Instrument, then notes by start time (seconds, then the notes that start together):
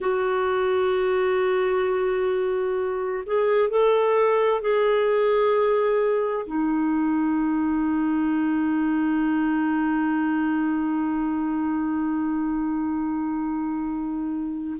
clarinet
0.00 F#4
3.26 G#4
3.69 A4
4.61 G#4
6.46 D#4